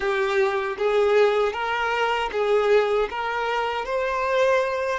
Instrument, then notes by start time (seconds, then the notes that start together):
violin
0.00 G4
0.78 G#4
1.52 A#4
2.31 G#4
3.09 A#4
3.85 C5